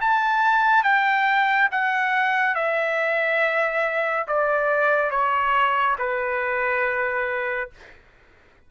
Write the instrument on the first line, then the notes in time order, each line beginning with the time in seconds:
trumpet
0.00 A5
0.83 G5
1.71 F#5
2.55 E5
4.27 D5
5.10 C#5
5.98 B4